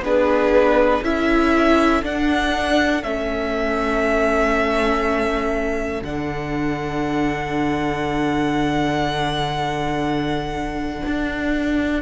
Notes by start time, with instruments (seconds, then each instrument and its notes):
0.00 cello B3, viola D4, violin G#4 B4
1.02 cello C#4, viola E4, violin A4 E5
2.03 cello D4, viola D4, violin F#5
3.03 cello A3, viola C#4, violin E5
6.01 cello D3, viola D4, violin F#5
11.06 cello D4